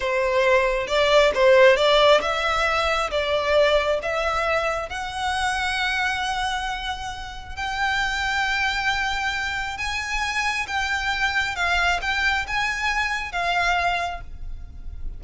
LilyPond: \new Staff \with { instrumentName = "violin" } { \time 4/4 \tempo 4 = 135 c''2 d''4 c''4 | d''4 e''2 d''4~ | d''4 e''2 fis''4~ | fis''1~ |
fis''4 g''2.~ | g''2 gis''2 | g''2 f''4 g''4 | gis''2 f''2 | }